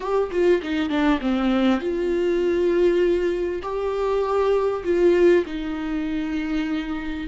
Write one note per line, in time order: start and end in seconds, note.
0.00 0.30 G4
0.31 0.61 F4
0.62 0.89 D#4
0.89 1.19 D4
1.20 1.80 C4
1.80 3.62 F4
3.62 4.83 G4
4.84 5.44 F4
5.45 7.27 D#4